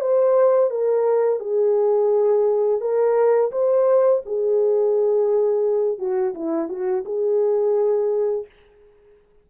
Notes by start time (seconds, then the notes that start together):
0.00 C5
0.70 A#4
1.40 G#4
2.80 A#4
3.51 C5
4.25 G#4
5.98 F#4
6.34 E4
6.69 F#4
7.05 G#4